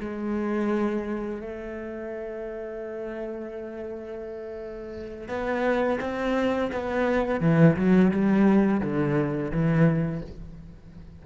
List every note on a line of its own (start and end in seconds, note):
0.00 1.41 G#3
1.41 5.29 A3
5.29 5.99 B3
6.01 6.71 C4
6.73 7.41 B3
7.41 7.76 E3
7.76 8.12 F#3
8.12 8.81 G3
8.81 9.51 D3
9.51 10.22 E3